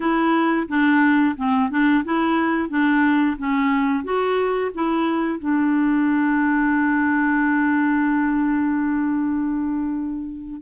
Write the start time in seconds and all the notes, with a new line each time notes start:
0.00 E4
0.68 D4
1.36 C4
1.70 D4
2.04 E4
2.69 D4
3.38 C#4
4.04 F#4
4.74 E4
5.39 D4